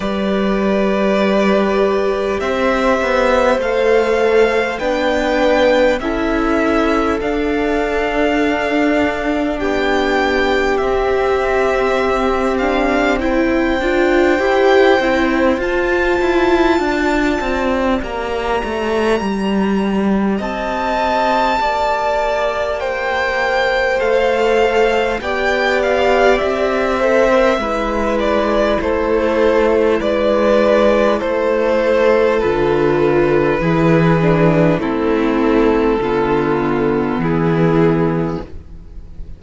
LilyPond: <<
  \new Staff \with { instrumentName = "violin" } { \time 4/4 \tempo 4 = 50 d''2 e''4 f''4 | g''4 e''4 f''2 | g''4 e''4. f''8 g''4~ | g''4 a''2 ais''4~ |
ais''4 a''2 g''4 | f''4 g''8 f''8 e''4. d''8 | c''4 d''4 c''4 b'4~ | b'4 a'2 gis'4 | }
  \new Staff \with { instrumentName = "violin" } { \time 4/4 b'2 c''2 | b'4 a'2. | g'2. c''4~ | c''2 d''2~ |
d''4 dis''4 d''4 c''4~ | c''4 d''4. c''8 b'4 | a'4 b'4 a'2 | gis'4 e'4 f'4 e'4 | }
  \new Staff \with { instrumentName = "viola" } { \time 4/4 g'2. a'4 | d'4 e'4 d'2~ | d'4 c'4. d'8 e'8 f'8 | g'8 e'8 f'2 g'4~ |
g'1 | a'4 g'4. a'16 ais'16 e'4~ | e'2. f'4 | e'8 d'8 c'4 b2 | }
  \new Staff \with { instrumentName = "cello" } { \time 4/4 g2 c'8 b8 a4 | b4 cis'4 d'2 | b4 c'2~ c'8 d'8 | e'8 c'8 f'8 e'8 d'8 c'8 ais8 a8 |
g4 c'4 ais2 | a4 b4 c'4 gis4 | a4 gis4 a4 d4 | e4 a4 d4 e4 | }
>>